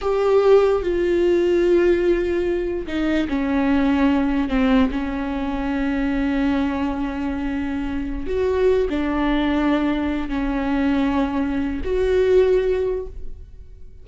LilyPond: \new Staff \with { instrumentName = "viola" } { \time 4/4 \tempo 4 = 147 g'2 f'2~ | f'2. dis'4 | cis'2. c'4 | cis'1~ |
cis'1~ | cis'16 fis'4. d'2~ d'16~ | d'4~ d'16 cis'2~ cis'8.~ | cis'4 fis'2. | }